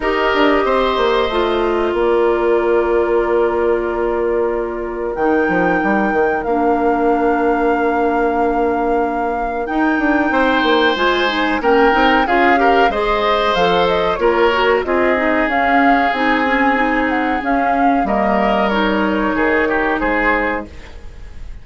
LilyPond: <<
  \new Staff \with { instrumentName = "flute" } { \time 4/4 \tempo 4 = 93 dis''2. d''4~ | d''1 | g''2 f''2~ | f''2. g''4~ |
g''4 gis''4 g''4 f''4 | dis''4 f''8 dis''8 cis''4 dis''4 | f''4 gis''4. fis''8 f''4 | dis''4 cis''2 c''4 | }
  \new Staff \with { instrumentName = "oboe" } { \time 4/4 ais'4 c''2 ais'4~ | ais'1~ | ais'1~ | ais'1 |
c''2 ais'4 gis'8 ais'8 | c''2 ais'4 gis'4~ | gis'1 | ais'2 gis'8 g'8 gis'4 | }
  \new Staff \with { instrumentName = "clarinet" } { \time 4/4 g'2 f'2~ | f'1 | dis'2 d'2~ | d'2. dis'4~ |
dis'4 f'8 dis'8 cis'8 dis'8 f'8 g'8 | gis'4 a'4 f'8 fis'8 f'8 dis'8 | cis'4 dis'8 cis'8 dis'4 cis'4 | ais4 dis'2. | }
  \new Staff \with { instrumentName = "bassoon" } { \time 4/4 dis'8 d'8 c'8 ais8 a4 ais4~ | ais1 | dis8 f8 g8 dis8 ais2~ | ais2. dis'8 d'8 |
c'8 ais8 gis4 ais8 c'8 cis'4 | gis4 f4 ais4 c'4 | cis'4 c'2 cis'4 | g2 dis4 gis4 | }
>>